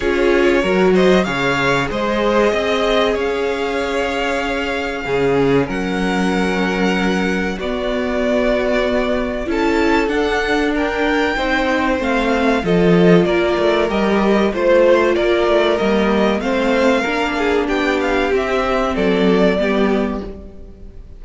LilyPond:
<<
  \new Staff \with { instrumentName = "violin" } { \time 4/4 \tempo 4 = 95 cis''4. dis''8 f''4 dis''4~ | dis''4 f''2.~ | f''4 fis''2. | d''2. a''4 |
fis''4 g''2 f''4 | dis''4 d''4 dis''4 c''4 | d''4 dis''4 f''2 | g''8 f''8 e''4 d''2 | }
  \new Staff \with { instrumentName = "violin" } { \time 4/4 gis'4 ais'8 c''8 cis''4 c''4 | dis''4 cis''2. | gis'4 ais'2. | fis'2. a'4~ |
a'4 ais'4 c''2 | a'4 ais'2 c''4 | ais'2 c''4 ais'8 gis'8 | g'2 a'4 g'4 | }
  \new Staff \with { instrumentName = "viola" } { \time 4/4 f'4 fis'4 gis'2~ | gis'1 | cis'1 | b2. e'4 |
d'2 dis'4 c'4 | f'2 g'4 f'4~ | f'4 ais4 c'4 d'4~ | d'4 c'2 b4 | }
  \new Staff \with { instrumentName = "cello" } { \time 4/4 cis'4 fis4 cis4 gis4 | c'4 cis'2. | cis4 fis2. | b2. cis'4 |
d'2 c'4 a4 | f4 ais8 a8 g4 a4 | ais8 a8 g4 a4 ais4 | b4 c'4 fis4 g4 | }
>>